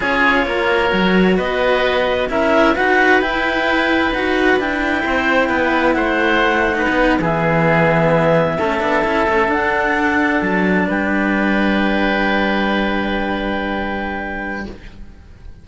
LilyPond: <<
  \new Staff \with { instrumentName = "clarinet" } { \time 4/4 \tempo 4 = 131 cis''2. dis''4~ | dis''4 e''4 fis''4 g''4~ | g''4 fis''4 g''2~ | g''4 fis''2~ fis''8. e''16~ |
e''1~ | e''8. fis''2 a''4 g''16~ | g''1~ | g''1 | }
  \new Staff \with { instrumentName = "oboe" } { \time 4/4 gis'4 ais'2 b'4~ | b'4 ais'4 b'2~ | b'2. c''4 | b'4 c''4.~ c''16 b'4 gis'16~ |
gis'2~ gis'8. a'4~ a'16~ | a'2.~ a'8. b'16~ | b'1~ | b'1 | }
  \new Staff \with { instrumentName = "cello" } { \time 4/4 f'2 fis'2~ | fis'4 e'4 fis'4 e'4~ | e'4 fis'4 e'2~ | e'2~ e'8. dis'4 b16~ |
b2~ b8. cis'8 d'8 e'16~ | e'16 cis'8 d'2.~ d'16~ | d'1~ | d'1 | }
  \new Staff \with { instrumentName = "cello" } { \time 4/4 cis'4 ais4 fis4 b4~ | b4 cis'4 dis'4 e'4~ | e'4 dis'4 d'4 c'4 | b4 a2 b8. e16~ |
e2~ e8. a8 b8 cis'16~ | cis'16 a8 d'2 fis4 g16~ | g1~ | g1 | }
>>